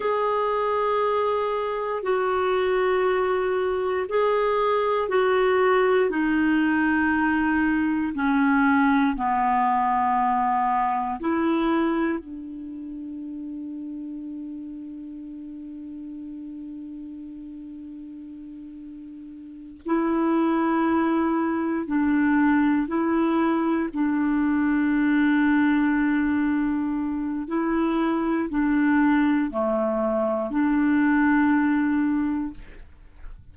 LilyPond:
\new Staff \with { instrumentName = "clarinet" } { \time 4/4 \tempo 4 = 59 gis'2 fis'2 | gis'4 fis'4 dis'2 | cis'4 b2 e'4 | d'1~ |
d'2.~ d'8 e'8~ | e'4. d'4 e'4 d'8~ | d'2. e'4 | d'4 a4 d'2 | }